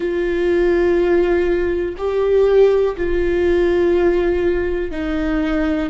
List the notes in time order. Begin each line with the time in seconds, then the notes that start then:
0.00 F4
1.97 G4
2.96 F4
4.91 D#4